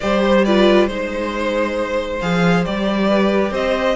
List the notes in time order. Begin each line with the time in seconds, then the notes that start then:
0.00 G3 G4 C5 D5
0.23 C5
0.44 F4 B4 D5
0.86 G#3 D#4 C5
2.20 F3 G#4 F5
2.64 G3 G4 D5
3.07 B4
3.51 C4 C5 D#5